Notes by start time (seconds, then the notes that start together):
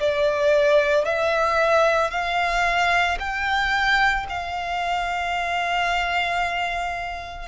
0.00 D5
1.06 E5
2.11 F5
3.19 G5
4.30 F5